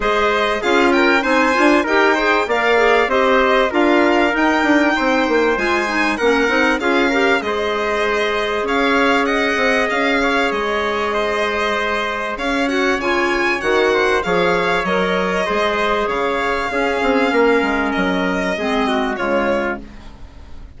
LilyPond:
<<
  \new Staff \with { instrumentName = "violin" } { \time 4/4 \tempo 4 = 97 dis''4 f''8 g''8 gis''4 g''4 | f''4 dis''4 f''4 g''4~ | g''4 gis''4 fis''4 f''4 | dis''2 f''4 fis''4 |
f''4 dis''2. | f''8 fis''8 gis''4 fis''4 f''4 | dis''2 f''2~ | f''4 dis''2 cis''4 | }
  \new Staff \with { instrumentName = "trumpet" } { \time 4/4 c''4 gis'8 ais'8 c''4 ais'8 c''8 | d''4 c''4 ais'2 | c''2 ais'4 gis'8 ais'8 | c''2 cis''4 dis''4~ |
dis''8 cis''4. c''2 | cis''2~ cis''8 c''8 cis''4~ | cis''4 c''4 cis''4 gis'4 | ais'2 gis'8 fis'8 f'4 | }
  \new Staff \with { instrumentName = "clarinet" } { \time 4/4 gis'4 f'4 dis'8 f'8 g'8 gis'8 | ais'8 gis'8 g'4 f'4 dis'4~ | dis'4 f'8 dis'8 cis'8 dis'8 f'8 g'8 | gis'1~ |
gis'1~ | gis'8 fis'8 f'4 fis'4 gis'4 | ais'4 gis'2 cis'4~ | cis'2 c'4 gis4 | }
  \new Staff \with { instrumentName = "bassoon" } { \time 4/4 gis4 cis'4 c'8 d'8 dis'4 | ais4 c'4 d'4 dis'8 d'8 | c'8 ais8 gis4 ais8 c'8 cis'4 | gis2 cis'4. c'8 |
cis'4 gis2. | cis'4 cis4 dis4 f4 | fis4 gis4 cis4 cis'8 c'8 | ais8 gis8 fis4 gis4 cis4 | }
>>